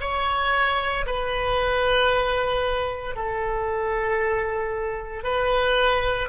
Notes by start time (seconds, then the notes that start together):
0.00 C#5
1.06 B4
3.15 A4
5.23 B4